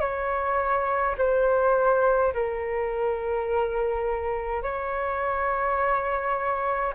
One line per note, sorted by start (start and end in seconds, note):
0.00 1.15 C#5
1.17 2.33 C5
2.33 4.62 A#4
4.62 6.93 C#5